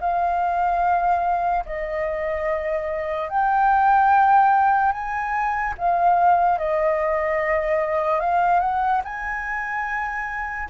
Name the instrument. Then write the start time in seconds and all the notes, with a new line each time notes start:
flute
0.00 F5
1.66 D#5
3.29 G5
4.92 G#5
5.78 F5
6.58 D#5
8.20 F5
8.60 F#5
9.04 G#5